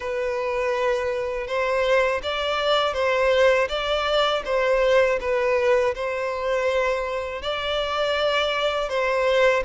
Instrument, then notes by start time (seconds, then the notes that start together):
violin
0.00 B4
1.47 C5
2.22 D5
2.93 C5
3.68 D5
4.45 C5
5.20 B4
5.95 C5
7.41 D5
8.89 C5